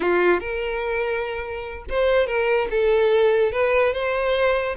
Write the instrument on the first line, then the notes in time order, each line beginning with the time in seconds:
violin
0.00 F4
0.40 A#4
1.89 C5
2.26 A#4
2.70 A4
3.52 B4
3.93 C5